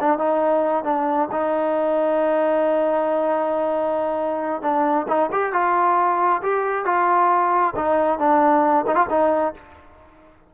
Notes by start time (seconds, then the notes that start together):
0.00 D4
0.19 D#4
0.84 D4
1.32 D#4
4.62 D4
5.08 D#4
5.32 G4
5.53 F4
6.43 G4
6.85 F4
7.76 D#4
8.19 D4
8.87 D#4
8.96 F4
9.10 D#4